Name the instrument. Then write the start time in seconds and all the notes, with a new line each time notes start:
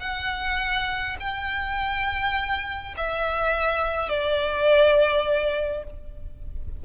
violin
0.00 F#5
1.20 G5
2.97 E5
4.09 D5